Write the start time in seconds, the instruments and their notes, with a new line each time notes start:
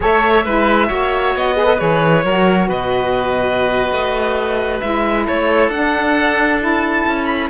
0.00 cello A3, saxophone A4, oboe C#5, violin E5
0.45 cello G#3, saxophone E4, oboe B4
0.87 cello A#3, saxophone F#4, oboe C#5
1.35 cello B3, violin D#5
1.56 saxophone G#4, oboe B4
1.65 saxophone A4
1.78 cello E3, saxophone G#4, violin C#5
2.24 cello F#3, saxophone F#4, oboe A#4
2.68 cello B2, oboe B4, violin D#5
3.91 cello A3
4.81 cello G#3, saxophone E4, violin E5
5.24 cello A3, oboe A4, violin C#5
5.68 cello D4, saxophone D4, violin F#5
6.60 saxophone E4, violin A5
7.06 cello C#4
7.25 violin B5